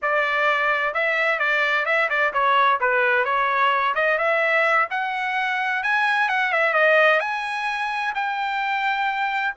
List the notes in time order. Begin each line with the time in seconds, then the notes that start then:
0.02 D5
0.93 E5
1.39 D5
1.85 E5
2.09 D5
2.33 C#5
2.80 B4
3.24 C#5
3.94 D#5
4.18 E5
4.90 F#5
5.83 G#5
6.29 F#5
6.52 E5
6.73 D#5
7.20 G#5
8.14 G5